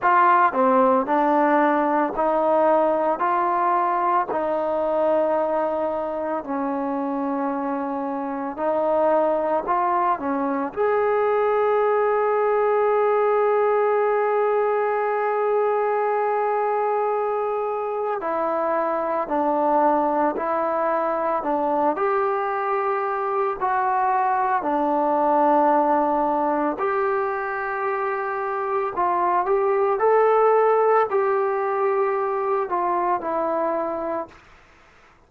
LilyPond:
\new Staff \with { instrumentName = "trombone" } { \time 4/4 \tempo 4 = 56 f'8 c'8 d'4 dis'4 f'4 | dis'2 cis'2 | dis'4 f'8 cis'8 gis'2~ | gis'1~ |
gis'4 e'4 d'4 e'4 | d'8 g'4. fis'4 d'4~ | d'4 g'2 f'8 g'8 | a'4 g'4. f'8 e'4 | }